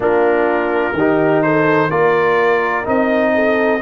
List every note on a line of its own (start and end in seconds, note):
0.00 0.93 A#3
0.00 0.93 D4
0.00 0.96 F4
0.00 1.42 A#4
0.93 1.88 D#3
0.93 1.44 G4
0.99 1.90 D#4
1.42 1.89 A4
1.42 1.90 C5
1.89 2.85 A#3
1.89 2.84 F4
1.89 3.32 A#4
1.89 2.85 D5
2.84 3.82 C4
2.84 3.79 D#4
2.84 3.82 D#5
3.34 3.82 A4